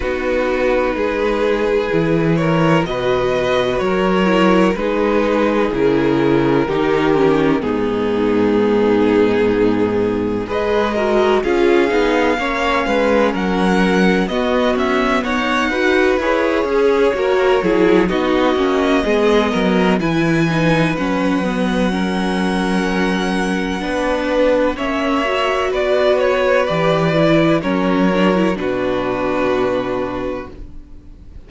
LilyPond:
<<
  \new Staff \with { instrumentName = "violin" } { \time 4/4 \tempo 4 = 63 b'2~ b'8 cis''8 dis''4 | cis''4 b'4 ais'2 | gis'2. dis''4 | f''2 fis''4 dis''8 e''8 |
fis''4 cis''2 dis''4~ | dis''4 gis''4 fis''2~ | fis''2 e''4 d''8 cis''8 | d''4 cis''4 b'2 | }
  \new Staff \with { instrumentName = "violin" } { \time 4/4 fis'4 gis'4. ais'8 b'4 | ais'4 gis'2 g'4 | dis'2. b'8 ais'8 | gis'4 cis''8 b'8 ais'4 fis'4 |
cis''8 b'4 gis'8 ais'8 gis'8 fis'4 | gis'8 ais'8 b'2 ais'4~ | ais'4 b'4 cis''4 b'4~ | b'4 ais'4 fis'2 | }
  \new Staff \with { instrumentName = "viola" } { \time 4/4 dis'2 e'4 fis'4~ | fis'8 e'8 dis'4 e'4 dis'8 cis'8 | b2. gis'8 fis'8 | f'8 dis'8 cis'2 b4~ |
b8 fis'8 gis'4 fis'8 e'8 dis'8 cis'8 | b4 e'8 dis'8 cis'8 b8 cis'4~ | cis'4 d'4 cis'8 fis'4. | g'8 e'8 cis'8 d'16 e'16 d'2 | }
  \new Staff \with { instrumentName = "cello" } { \time 4/4 b4 gis4 e4 b,4 | fis4 gis4 cis4 dis4 | gis,2. gis4 | cis'8 b8 ais8 gis8 fis4 b8 cis'8 |
dis'4 e'8 cis'8 ais8 fis8 b8 ais8 | gis8 fis8 e4 fis2~ | fis4 b4 ais4 b4 | e4 fis4 b,2 | }
>>